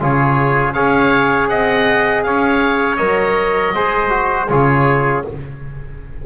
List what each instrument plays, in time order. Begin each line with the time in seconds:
0.00 double bass C#3, trombone F4, trumpet G#4, oboe C#5
0.73 double bass C#4, trombone G#4, trumpet C#5, oboe F5
1.49 double bass C4, trumpet D#5, oboe F#5
2.23 double bass C#4, trumpet C#5, oboe F5
2.97 double bass F#3, trombone A#4, oboe D#5
3.75 double bass G#3, trombone G#4, trumpet C5
4.09 trombone F#4
4.49 double bass C#3, trombone F4, trumpet G#4, oboe C#5